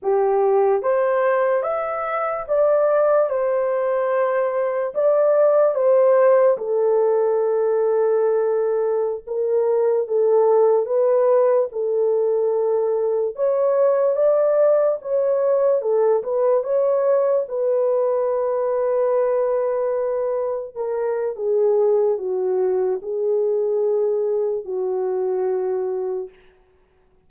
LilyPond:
\new Staff \with { instrumentName = "horn" } { \time 4/4 \tempo 4 = 73 g'4 c''4 e''4 d''4 | c''2 d''4 c''4 | a'2.~ a'16 ais'8.~ | ais'16 a'4 b'4 a'4.~ a'16~ |
a'16 cis''4 d''4 cis''4 a'8 b'16~ | b'16 cis''4 b'2~ b'8.~ | b'4~ b'16 ais'8. gis'4 fis'4 | gis'2 fis'2 | }